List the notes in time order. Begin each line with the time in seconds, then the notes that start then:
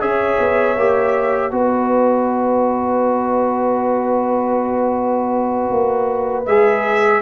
0.00 C#4 G#4 C#5 E5
0.39 B3
0.77 A#3 G4
1.51 B3 F#4 B4 D#5
5.71 A#3
6.46 G#3 G#4 E5